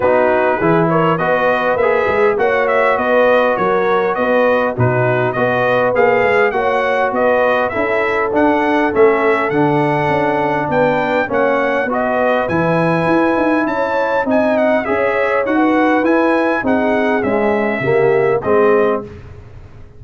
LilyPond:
<<
  \new Staff \with { instrumentName = "trumpet" } { \time 4/4 \tempo 4 = 101 b'4. cis''8 dis''4 e''4 | fis''8 e''8 dis''4 cis''4 dis''4 | b'4 dis''4 f''4 fis''4 | dis''4 e''4 fis''4 e''4 |
fis''2 g''4 fis''4 | dis''4 gis''2 a''4 | gis''8 fis''8 e''4 fis''4 gis''4 | fis''4 e''2 dis''4 | }
  \new Staff \with { instrumentName = "horn" } { \time 4/4 fis'4 gis'8 ais'8 b'2 | cis''4 b'4 ais'4 b'4 | fis'4 b'2 cis''4 | b'4 a'2.~ |
a'2 b'4 cis''4 | b'2. cis''4 | dis''4 cis''4~ cis''16 b'4.~ b'16 | gis'2 g'4 gis'4 | }
  \new Staff \with { instrumentName = "trombone" } { \time 4/4 dis'4 e'4 fis'4 gis'4 | fis'1 | dis'4 fis'4 gis'4 fis'4~ | fis'4 e'4 d'4 cis'4 |
d'2. cis'4 | fis'4 e'2. | dis'4 gis'4 fis'4 e'4 | dis'4 gis4 ais4 c'4 | }
  \new Staff \with { instrumentName = "tuba" } { \time 4/4 b4 e4 b4 ais8 gis8 | ais4 b4 fis4 b4 | b,4 b4 ais8 gis8 ais4 | b4 cis'4 d'4 a4 |
d4 cis'4 b4 ais4 | b4 e4 e'8 dis'8 cis'4 | c'4 cis'4 dis'4 e'4 | c'4 cis'4 cis4 gis4 | }
>>